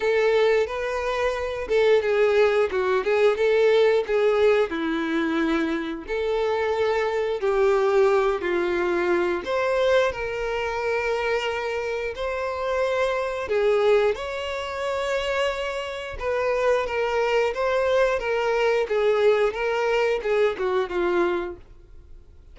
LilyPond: \new Staff \with { instrumentName = "violin" } { \time 4/4 \tempo 4 = 89 a'4 b'4. a'8 gis'4 | fis'8 gis'8 a'4 gis'4 e'4~ | e'4 a'2 g'4~ | g'8 f'4. c''4 ais'4~ |
ais'2 c''2 | gis'4 cis''2. | b'4 ais'4 c''4 ais'4 | gis'4 ais'4 gis'8 fis'8 f'4 | }